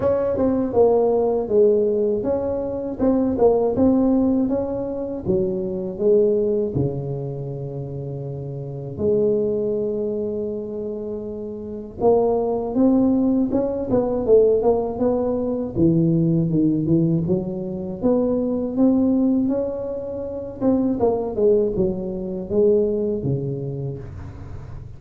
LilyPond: \new Staff \with { instrumentName = "tuba" } { \time 4/4 \tempo 4 = 80 cis'8 c'8 ais4 gis4 cis'4 | c'8 ais8 c'4 cis'4 fis4 | gis4 cis2. | gis1 |
ais4 c'4 cis'8 b8 a8 ais8 | b4 e4 dis8 e8 fis4 | b4 c'4 cis'4. c'8 | ais8 gis8 fis4 gis4 cis4 | }